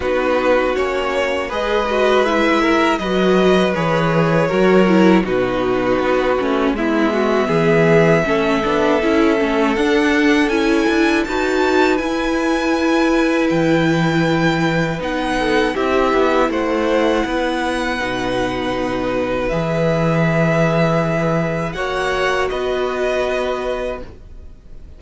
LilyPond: <<
  \new Staff \with { instrumentName = "violin" } { \time 4/4 \tempo 4 = 80 b'4 cis''4 dis''4 e''4 | dis''4 cis''2 b'4~ | b'4 e''2.~ | e''4 fis''4 gis''4 a''4 |
gis''2 g''2 | fis''4 e''4 fis''2~ | fis''2 e''2~ | e''4 fis''4 dis''2 | }
  \new Staff \with { instrumentName = "violin" } { \time 4/4 fis'2 b'4. ais'8 | b'2 ais'4 fis'4~ | fis'4 e'8 fis'8 gis'4 a'4~ | a'2. b'4~ |
b'1~ | b'8 a'8 g'4 c''4 b'4~ | b'1~ | b'4 cis''4 b'2 | }
  \new Staff \with { instrumentName = "viola" } { \time 4/4 dis'4 cis'4 gis'8 fis'8 e'4 | fis'4 gis'4 fis'8 e'8 dis'4~ | dis'8 cis'8 b2 cis'8 d'8 | e'8 cis'8 d'4 e'4 fis'4 |
e'1 | dis'4 e'2. | dis'2 gis'2~ | gis'4 fis'2. | }
  \new Staff \with { instrumentName = "cello" } { \time 4/4 b4 ais4 gis2 | fis4 e4 fis4 b,4 | b8 a8 gis4 e4 a8 b8 | cis'8 a8 d'4 cis'8 d'8 dis'4 |
e'2 e2 | b4 c'8 b8 a4 b4 | b,2 e2~ | e4 ais4 b2 | }
>>